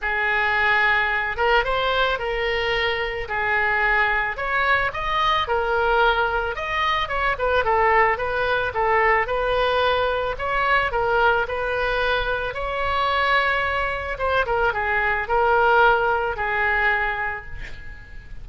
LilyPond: \new Staff \with { instrumentName = "oboe" } { \time 4/4 \tempo 4 = 110 gis'2~ gis'8 ais'8 c''4 | ais'2 gis'2 | cis''4 dis''4 ais'2 | dis''4 cis''8 b'8 a'4 b'4 |
a'4 b'2 cis''4 | ais'4 b'2 cis''4~ | cis''2 c''8 ais'8 gis'4 | ais'2 gis'2 | }